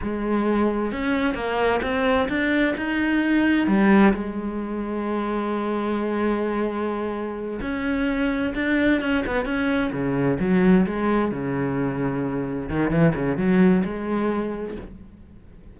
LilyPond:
\new Staff \with { instrumentName = "cello" } { \time 4/4 \tempo 4 = 130 gis2 cis'4 ais4 | c'4 d'4 dis'2 | g4 gis2.~ | gis1~ |
gis8 cis'2 d'4 cis'8 | b8 cis'4 cis4 fis4 gis8~ | gis8 cis2. dis8 | e8 cis8 fis4 gis2 | }